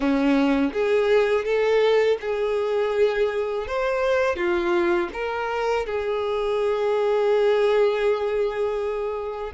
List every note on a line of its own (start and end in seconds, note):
0.00 0.72 C#4
0.73 1.44 G#4
1.44 2.18 A4
2.21 3.67 G#4
3.67 4.35 C5
4.35 5.09 F4
5.13 5.86 A#4
5.86 9.52 G#4